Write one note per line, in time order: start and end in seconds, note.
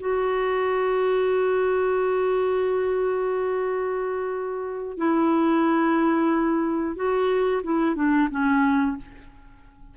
0.00 4.98 F#4
4.98 6.96 E4
6.96 7.62 F#4
7.64 7.95 E4
7.95 8.29 D4
8.31 8.97 C#4